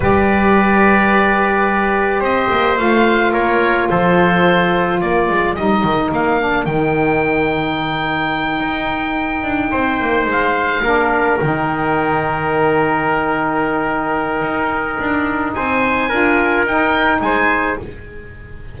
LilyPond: <<
  \new Staff \with { instrumentName = "oboe" } { \time 4/4 \tempo 4 = 108 d''1 | dis''4 f''4 cis''4 c''4~ | c''4 d''4 dis''4 f''4 | g''1~ |
g''2~ g''8 f''4.~ | f''8 g''2.~ g''8~ | g''1 | gis''2 g''4 gis''4 | }
  \new Staff \with { instrumentName = "trumpet" } { \time 4/4 b'1 | c''2 ais'4 a'4~ | a'4 ais'2.~ | ais'1~ |
ais'4. c''2 ais'8~ | ais'1~ | ais'1 | c''4 ais'2 c''4 | }
  \new Staff \with { instrumentName = "saxophone" } { \time 4/4 g'1~ | g'4 f'2.~ | f'2 dis'4. d'8 | dis'1~ |
dis'2.~ dis'8 d'8~ | d'8 dis'2.~ dis'8~ | dis'1~ | dis'4 f'4 dis'2 | }
  \new Staff \with { instrumentName = "double bass" } { \time 4/4 g1 | c'8 ais8 a4 ais4 f4~ | f4 ais8 gis8 g8 dis8 ais4 | dis2.~ dis8 dis'8~ |
dis'4 d'8 c'8 ais8 gis4 ais8~ | ais8 dis2.~ dis8~ | dis2 dis'4 d'4 | c'4 d'4 dis'4 gis4 | }
>>